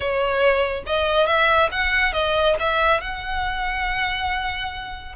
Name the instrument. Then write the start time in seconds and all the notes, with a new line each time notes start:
violin
0.00 C#5
0.86 D#5
1.26 E5
1.71 F#5
2.12 D#5
2.59 E5
3.00 F#5